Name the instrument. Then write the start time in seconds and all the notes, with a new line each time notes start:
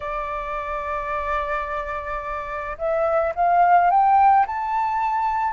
flute
0.00 D5
2.78 E5
3.35 F5
3.90 G5
4.46 A5